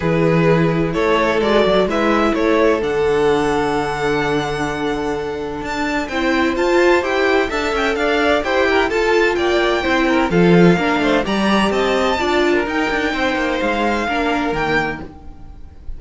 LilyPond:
<<
  \new Staff \with { instrumentName = "violin" } { \time 4/4 \tempo 4 = 128 b'2 cis''4 d''4 | e''4 cis''4 fis''2~ | fis''1 | a''4 g''4 a''4 g''4 |
a''8 g''8 f''4 g''4 a''4 | g''2 f''2 | ais''4 a''2 g''4~ | g''4 f''2 g''4 | }
  \new Staff \with { instrumentName = "violin" } { \time 4/4 gis'2 a'2 | b'4 a'2.~ | a'1~ | a'4 c''2. |
e''4 d''4 c''8 ais'8 a'4 | d''4 c''8 ais'8 a'4 ais'8 c''8 | d''4 dis''4 d''8. ais'4~ ais'16 | c''2 ais'2 | }
  \new Staff \with { instrumentName = "viola" } { \time 4/4 e'2. fis'4 | e'2 d'2~ | d'1~ | d'4 e'4 f'4 g'4 |
a'2 g'4 f'4~ | f'4 e'4 f'4 d'4 | g'2 f'4 dis'4~ | dis'2 d'4 ais4 | }
  \new Staff \with { instrumentName = "cello" } { \time 4/4 e2 a4 gis8 fis8 | gis4 a4 d2~ | d1 | d'4 c'4 f'4 e'4 |
d'8 cis'8 d'4 e'4 f'4 | ais4 c'4 f4 ais8 a8 | g4 c'4 d'4 dis'8 d'8 | c'8 ais8 gis4 ais4 dis4 | }
>>